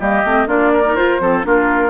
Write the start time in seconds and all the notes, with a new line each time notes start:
0.00 G3 A#3 G4 D#5
0.25 A3 C4
0.47 A#3 D4 F4 D5
0.73 A#4
0.85 D#4
0.96 F4 C5
1.20 F3 C4 A4
1.44 A#3 D4 F4 A#4